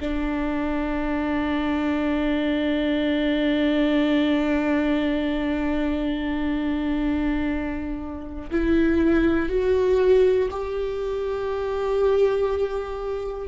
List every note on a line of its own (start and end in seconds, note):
0.00 8.50 D4
8.50 9.49 E4
9.49 10.49 F#4
10.50 13.48 G4